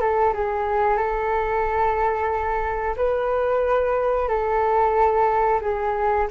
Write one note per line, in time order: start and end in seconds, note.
0.00 0.33 A4
0.33 0.97 G#4
0.97 2.95 A4
2.96 4.28 B4
4.28 5.60 A4
5.61 6.27 G#4